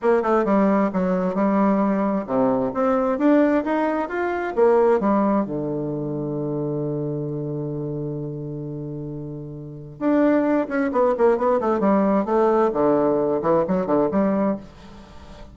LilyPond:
\new Staff \with { instrumentName = "bassoon" } { \time 4/4 \tempo 4 = 132 ais8 a8 g4 fis4 g4~ | g4 c4 c'4 d'4 | dis'4 f'4 ais4 g4 | d1~ |
d1~ | d2 d'4. cis'8 | b8 ais8 b8 a8 g4 a4 | d4. e8 fis8 d8 g4 | }